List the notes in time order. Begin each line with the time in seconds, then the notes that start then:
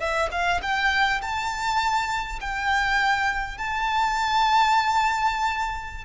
0.00 E5
0.32 F5
0.62 G5
1.22 A5
2.41 G5
3.58 A5